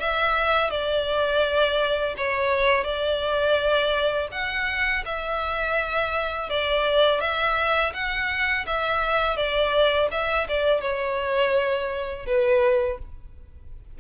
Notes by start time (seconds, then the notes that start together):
0.00 E5
0.71 D5
2.17 C#5
2.84 D5
4.32 F#5
5.06 E5
6.50 D5
7.21 E5
7.94 F#5
8.67 E5
9.36 D5
10.11 E5
10.49 D5
10.81 C#5
12.26 B4